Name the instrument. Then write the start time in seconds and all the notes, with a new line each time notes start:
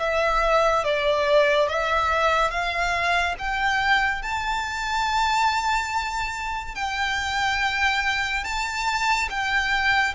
violin
0.00 E5
0.85 D5
1.69 E5
2.51 F5
3.39 G5
4.23 A5
6.75 G5
8.45 A5
9.30 G5